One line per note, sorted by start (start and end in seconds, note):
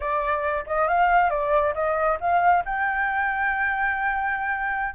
0.00 0.64 D5
0.66 0.88 D#5
0.88 1.30 F5
1.30 1.73 D5
1.74 2.18 D#5
2.20 2.64 F5
2.65 4.94 G5